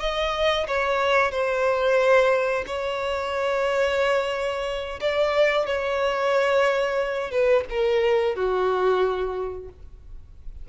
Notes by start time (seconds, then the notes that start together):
0.00 D#5
0.68 C#5
1.32 C5
2.67 C#5
5.01 D5
5.66 C#5
7.31 B4
7.70 A#4
8.36 F#4